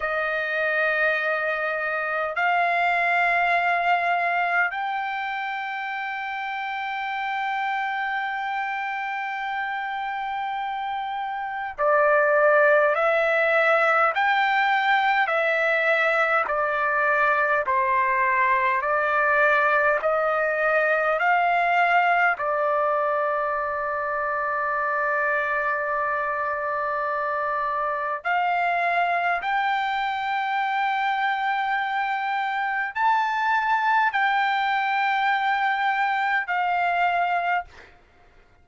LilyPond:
\new Staff \with { instrumentName = "trumpet" } { \time 4/4 \tempo 4 = 51 dis''2 f''2 | g''1~ | g''2 d''4 e''4 | g''4 e''4 d''4 c''4 |
d''4 dis''4 f''4 d''4~ | d''1 | f''4 g''2. | a''4 g''2 f''4 | }